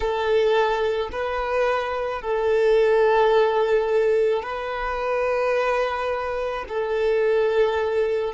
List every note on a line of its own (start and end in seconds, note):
0.00 1.09 A4
1.12 2.21 B4
2.21 4.42 A4
4.42 6.65 B4
6.68 8.33 A4